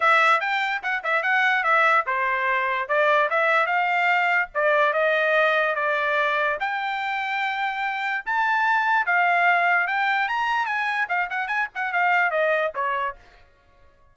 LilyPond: \new Staff \with { instrumentName = "trumpet" } { \time 4/4 \tempo 4 = 146 e''4 g''4 fis''8 e''8 fis''4 | e''4 c''2 d''4 | e''4 f''2 d''4 | dis''2 d''2 |
g''1 | a''2 f''2 | g''4 ais''4 gis''4 f''8 fis''8 | gis''8 fis''8 f''4 dis''4 cis''4 | }